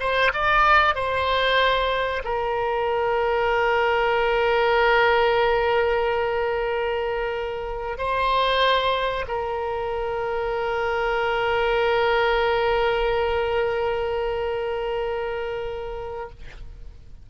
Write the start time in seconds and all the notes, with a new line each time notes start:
0.00 C5
0.34 D5
0.95 C5
2.25 A#4
7.98 C5
9.28 A#4